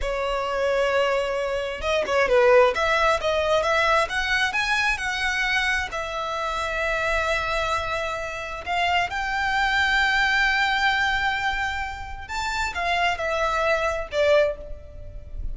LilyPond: \new Staff \with { instrumentName = "violin" } { \time 4/4 \tempo 4 = 132 cis''1 | dis''8 cis''8 b'4 e''4 dis''4 | e''4 fis''4 gis''4 fis''4~ | fis''4 e''2.~ |
e''2. f''4 | g''1~ | g''2. a''4 | f''4 e''2 d''4 | }